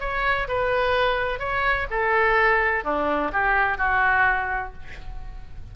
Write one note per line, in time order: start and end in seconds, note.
0.00 0.48 C#5
0.48 1.39 B4
1.39 1.87 C#5
1.90 2.84 A4
2.84 3.31 D4
3.32 3.77 G4
3.77 4.73 F#4